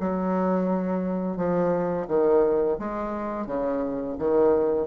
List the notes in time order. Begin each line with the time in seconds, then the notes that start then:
0.00 F#3
1.37 F3
2.08 D#3
2.79 G#3
3.46 C#3
4.18 D#3